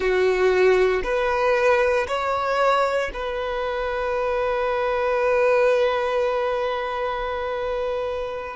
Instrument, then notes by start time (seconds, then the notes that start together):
violin
0.00 F#4
1.03 B4
2.07 C#5
3.13 B4